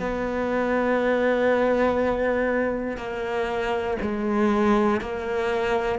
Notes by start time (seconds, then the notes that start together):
0.00 B3
2.97 A#3
4.01 G#3
5.00 A#3